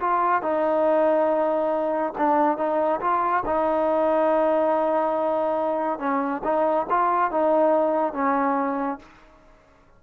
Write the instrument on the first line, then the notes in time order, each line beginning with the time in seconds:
trombone
0.00 F4
0.42 D#4
2.17 D4
2.57 D#4
3.00 F4
3.45 D#4
5.98 C#4
6.43 D#4
6.89 F4
7.31 D#4
8.13 C#4